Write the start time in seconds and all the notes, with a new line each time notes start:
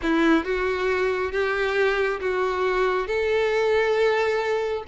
0.02 E4
0.44 F#4
1.32 G4
2.20 F#4
3.07 A4